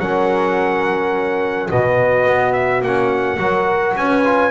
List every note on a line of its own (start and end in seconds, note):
0.00 1.70 F#3
0.00 1.70 C#4
0.00 1.70 A#4
0.00 1.70 F#5
1.70 2.27 B2
1.70 2.83 B3
1.70 3.41 F#4
1.70 2.53 D#5
2.27 2.81 B3
2.53 2.81 E5
2.81 3.38 A#3
2.81 3.38 C#4
2.81 3.97 F#5
3.38 3.95 F#3
3.38 4.23 F#4
3.38 3.98 A#4
3.97 4.51 C#4
3.97 4.51 B4
3.97 4.51 G#5
4.25 4.51 F4